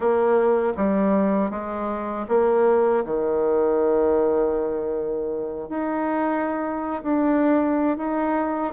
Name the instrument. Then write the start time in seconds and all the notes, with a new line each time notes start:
bassoon
0.00 A#3
0.77 G3
1.50 G#3
2.28 A#3
3.04 D#3
5.69 D#4
7.03 D4
7.97 D#4